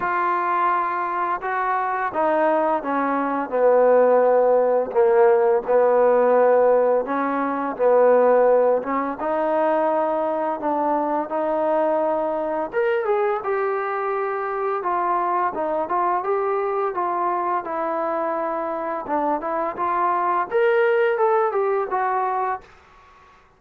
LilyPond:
\new Staff \with { instrumentName = "trombone" } { \time 4/4 \tempo 4 = 85 f'2 fis'4 dis'4 | cis'4 b2 ais4 | b2 cis'4 b4~ | b8 cis'8 dis'2 d'4 |
dis'2 ais'8 gis'8 g'4~ | g'4 f'4 dis'8 f'8 g'4 | f'4 e'2 d'8 e'8 | f'4 ais'4 a'8 g'8 fis'4 | }